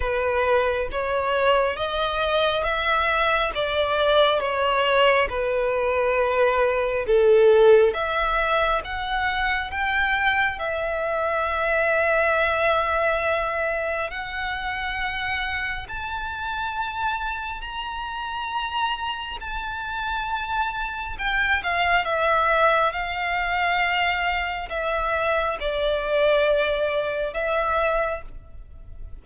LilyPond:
\new Staff \with { instrumentName = "violin" } { \time 4/4 \tempo 4 = 68 b'4 cis''4 dis''4 e''4 | d''4 cis''4 b'2 | a'4 e''4 fis''4 g''4 | e''1 |
fis''2 a''2 | ais''2 a''2 | g''8 f''8 e''4 f''2 | e''4 d''2 e''4 | }